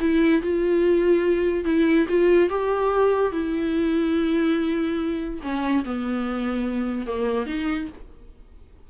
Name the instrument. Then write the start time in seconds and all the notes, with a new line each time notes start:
viola
0.00 E4
0.41 F4
1.65 E4
2.08 F4
2.49 G4
3.31 E4
5.42 C#4
5.84 B3
7.06 A#3
7.46 D#4